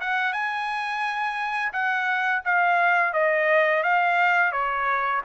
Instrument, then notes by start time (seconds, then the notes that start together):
trumpet
0.00 F#5
0.33 G#5
1.73 F#5
2.45 F5
3.13 D#5
3.83 F5
4.52 C#5